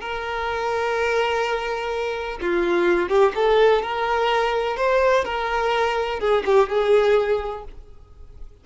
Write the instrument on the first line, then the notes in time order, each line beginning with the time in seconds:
violin
0.00 A#4
2.41 F4
3.08 G4
3.35 A4
3.82 A#4
4.76 C5
5.24 A#4
6.19 G#4
6.45 G4
6.69 G#4